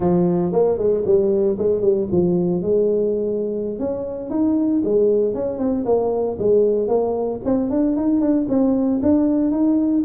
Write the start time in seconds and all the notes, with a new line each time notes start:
0.00 F3
0.52 A#3
0.78 G#3
1.05 G3
1.58 G#3
1.81 G3
2.11 F3
2.61 G#3
3.79 C#4
4.30 D#4
4.84 G#3
5.34 C#4
5.58 C4
5.85 A#3
6.38 G#3
6.88 A#3
7.44 C4
7.70 D4
7.96 D#4
8.20 D4
8.48 C4
9.02 D4
9.51 D#4